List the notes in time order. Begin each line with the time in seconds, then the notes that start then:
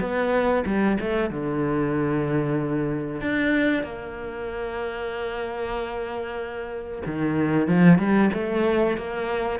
0.00 B3
0.66 G3
1.00 A3
1.30 D3
3.21 D4
3.83 A#3
7.06 D#3
7.67 F3
7.98 G3
8.33 A3
8.97 A#3